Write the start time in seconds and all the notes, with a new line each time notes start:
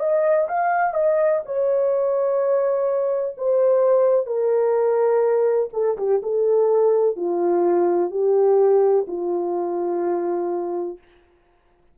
0.00 D#5
0.48 F5
0.94 D#5
1.45 C#5
3.38 C5
4.27 A#4
5.74 A4
5.98 G4
6.23 A4
7.16 F4
8.11 G4
9.08 F4